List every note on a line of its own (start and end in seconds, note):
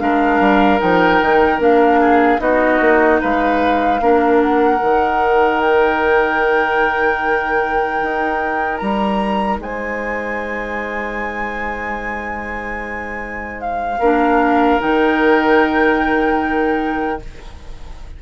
0.00 0.41 G#3
0.00 0.79 D4
0.00 2.01 A#4
0.00 0.80 F5
0.41 0.81 G3
0.79 1.22 F3
0.79 1.59 D#4
0.79 1.61 G5
1.22 1.60 D#3
1.60 2.40 A#3
1.60 2.39 D4
1.60 2.41 F5
2.01 2.41 G#4
2.39 2.80 B3
2.39 3.99 D#4
2.39 3.21 F#4
2.39 3.21 D#5
2.81 3.21 A#3
3.21 4.01 G#3
3.21 4.01 B4
3.21 4.42 F5
4.01 4.81 A#3
4.01 4.79 D4
4.01 9.62 A#4
4.42 5.61 F#5
4.79 8.02 D#3
4.79 13.99 D#4
5.61 8.78 G5
8.02 8.82 D#4
8.78 9.59 G3
8.78 9.58 A#5
9.59 13.99 G#3
9.59 13.99 C5
9.59 13.61 G#5
13.61 14.81 F5
13.99 14.80 A#3
13.99 14.80 D4
13.99 17.19 A#4
14.80 17.22 D#3
14.80 17.20 D#4
14.80 17.22 G5